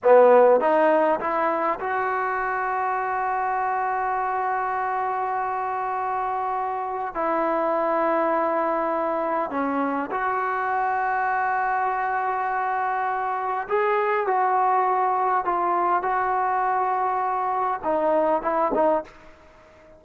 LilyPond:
\new Staff \with { instrumentName = "trombone" } { \time 4/4 \tempo 4 = 101 b4 dis'4 e'4 fis'4~ | fis'1~ | fis'1 | e'1 |
cis'4 fis'2.~ | fis'2. gis'4 | fis'2 f'4 fis'4~ | fis'2 dis'4 e'8 dis'8 | }